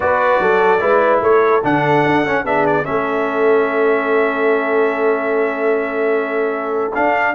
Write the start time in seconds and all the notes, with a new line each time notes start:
0.00 B3 F#4 B4 D5
0.39 F#3 A4
0.80 G#3 E4 B4
1.21 A3 A4 C#5
1.63 D3 D4 F#5
2.05 D4
2.25 C#4
2.43 B3 D4 G#4 E5
2.66 D5
2.84 A3 C#4 A4 E5
6.94 D4 F5